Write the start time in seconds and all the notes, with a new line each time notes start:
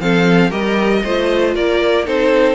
0.00 F3 C4 A4 F5
0.50 G3 G4 A#4 D#5
1.04 A3 F4 C5
1.55 A#3 A#4 D5
2.06 C4 D#4 A4 C5